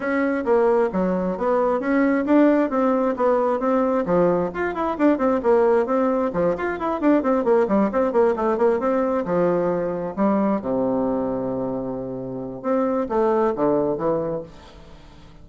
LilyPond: \new Staff \with { instrumentName = "bassoon" } { \time 4/4 \tempo 4 = 133 cis'4 ais4 fis4 b4 | cis'4 d'4 c'4 b4 | c'4 f4 f'8 e'8 d'8 c'8 | ais4 c'4 f8 f'8 e'8 d'8 |
c'8 ais8 g8 c'8 ais8 a8 ais8 c'8~ | c'8 f2 g4 c8~ | c1 | c'4 a4 d4 e4 | }